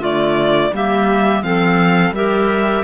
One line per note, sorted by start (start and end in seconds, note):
0.00 0.71 D3
0.00 0.71 A3
0.00 0.71 F4
0.00 0.74 D5
0.73 1.43 G3
0.73 1.43 A#3
0.73 1.44 G4
0.73 1.43 E5
1.43 2.11 F3
1.43 2.14 C4
1.43 2.15 A4
1.43 2.14 F5
2.11 2.82 G3
2.11 2.84 G4
2.11 2.84 A#4
2.11 2.84 E5